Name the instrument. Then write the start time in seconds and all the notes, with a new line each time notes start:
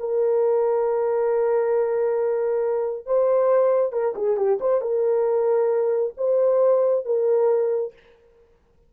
horn
0.00 A#4
3.06 C5
3.93 A#4
4.16 G#4
4.38 G4
4.61 C5
4.82 A#4
6.18 C5
7.06 A#4